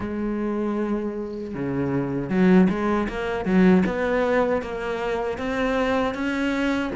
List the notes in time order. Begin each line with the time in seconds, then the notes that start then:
0.00 G#3
1.54 C#3
2.29 F#3
2.69 G#3
3.08 A#3
3.45 F#3
3.85 B3
4.62 A#3
5.38 C4
6.14 C#4